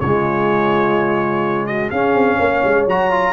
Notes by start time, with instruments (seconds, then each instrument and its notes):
0.00 tuba C#3, trombone G#3, horn F4, trumpet C#5
1.67 horn F#4, trumpet D#5
1.91 tuba C#4, trombone C#4, horn G#4, trumpet F5
2.15 tuba C4
2.38 tuba A#3, horn C#5
2.64 tuba G#3
2.87 tuba F#3, trombone F#4, trumpet A#5
3.11 trombone F4